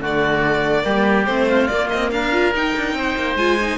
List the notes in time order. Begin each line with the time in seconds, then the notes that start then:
0.00 D3 A3 F#4 D5
0.83 G3 A#3 G4
1.26 A3 C4 C5
1.48 F4
1.67 A#3 D5
1.89 C4 D#5
2.11 D4 A#4 F5
2.32 F4
2.54 D#4 G5
2.76 D4
2.93 C4 C5
3.16 A#3
3.35 G#3 F4 G#5
3.60 D#4